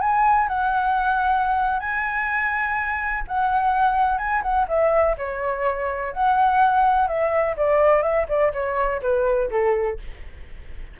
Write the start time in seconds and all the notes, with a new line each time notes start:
0.00 G#5
0.48 F#5
1.79 G#5
3.27 F#5
4.18 G#5
4.42 F#5
4.68 E5
5.17 C#5
6.12 F#5
7.07 E5
7.56 D5
8.02 E5
8.28 D5
8.53 C#5
9.02 B4
9.50 A4